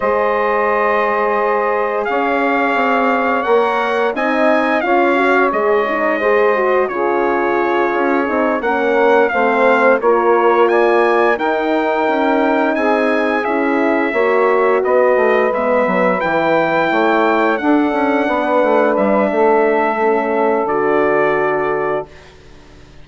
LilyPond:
<<
  \new Staff \with { instrumentName = "trumpet" } { \time 4/4 \tempo 4 = 87 dis''2. f''4~ | f''4 fis''4 gis''4 f''4 | dis''2 cis''2~ | cis''8 fis''4 f''4 cis''4 gis''8~ |
gis''8 g''2 gis''4 e''8~ | e''4. dis''4 e''4 g''8~ | g''4. fis''2 e''8~ | e''2 d''2 | }
  \new Staff \with { instrumentName = "saxophone" } { \time 4/4 c''2. cis''4~ | cis''2 dis''4 cis''4~ | cis''4 c''4 gis'2~ | gis'8 ais'4 c''4 ais'4 d''8~ |
d''8 ais'2 gis'4.~ | gis'8 cis''4 b'2~ b'8~ | b'8 cis''4 a'4 b'4. | a'1 | }
  \new Staff \with { instrumentName = "horn" } { \time 4/4 gis'1~ | gis'4 ais'4 dis'4 f'8 fis'8 | gis'8 dis'8 gis'8 fis'8 f'2 | dis'8 cis'4 c'4 f'4.~ |
f'8 dis'2. e'8~ | e'8 fis'2 b4 e'8~ | e'4. d'2~ d'8~ | d'4 cis'4 fis'2 | }
  \new Staff \with { instrumentName = "bassoon" } { \time 4/4 gis2. cis'4 | c'4 ais4 c'4 cis'4 | gis2 cis4. cis'8 | c'8 ais4 a4 ais4.~ |
ais8 dis'4 cis'4 c'4 cis'8~ | cis'8 ais4 b8 a8 gis8 fis8 e8~ | e8 a4 d'8 cis'8 b8 a8 g8 | a2 d2 | }
>>